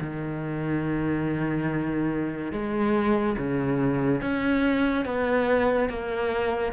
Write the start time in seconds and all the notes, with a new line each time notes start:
0.00 D#3
2.52 G#3
3.38 C#3
4.21 C#4
5.05 B3
5.89 A#3